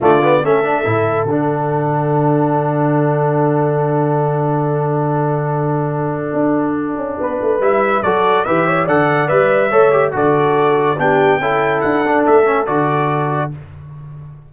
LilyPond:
<<
  \new Staff \with { instrumentName = "trumpet" } { \time 4/4 \tempo 4 = 142 d''4 e''2 fis''4~ | fis''1~ | fis''1~ | fis''1~ |
fis''2 e''4 d''4 | e''4 fis''4 e''2 | d''2 g''2 | fis''4 e''4 d''2 | }
  \new Staff \with { instrumentName = "horn" } { \time 4/4 f'4 a'2.~ | a'1~ | a'1~ | a'1~ |
a'4 b'2 a'4 | b'8 cis''8 d''2 cis''4 | a'2 g'4 a'4~ | a'1 | }
  \new Staff \with { instrumentName = "trombone" } { \time 4/4 a8 b8 cis'8 d'8 e'4 d'4~ | d'1~ | d'1~ | d'1~ |
d'2 e'4 fis'4 | g'4 a'4 b'4 a'8 g'8 | fis'2 d'4 e'4~ | e'8 d'4 cis'8 fis'2 | }
  \new Staff \with { instrumentName = "tuba" } { \time 4/4 d4 a4 a,4 d4~ | d1~ | d1~ | d2. d'4~ |
d'8 cis'8 b8 a8 g4 fis4 | e4 d4 g4 a4 | d2 b4 cis'4 | d'4 a4 d2 | }
>>